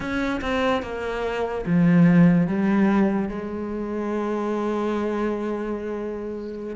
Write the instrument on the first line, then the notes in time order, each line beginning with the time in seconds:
cello
0.00 C#4
0.41 C4
0.82 A#3
1.66 F3
2.47 G3
3.28 G#3